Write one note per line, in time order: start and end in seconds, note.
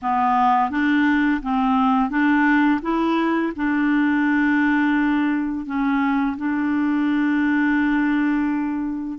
0.02 0.70 B3
0.70 1.41 D4
1.42 2.10 C4
2.10 2.80 D4
2.82 3.52 E4
3.56 5.65 D4
5.65 6.36 C#4
6.37 9.18 D4